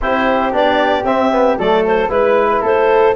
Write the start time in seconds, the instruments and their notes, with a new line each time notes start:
0.01 tuba C4, trombone E4, flute G4, clarinet C5
0.51 tuba B3, trombone D4, clarinet D5
1.04 tuba C4, trombone C4, clarinet E5
1.31 trombone B3
1.58 tuba F#3, trombone A3, flute A4, clarinet D5
1.86 clarinet C5
2.08 tuba G#3, trombone E4, clarinet B4, flute B4
2.61 tuba A3, flute A4, clarinet C5